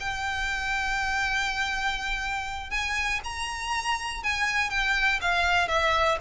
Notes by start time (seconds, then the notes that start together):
0.00 G5
2.70 G#5
3.24 A#5
4.23 G#5
4.70 G5
5.21 F5
5.68 E5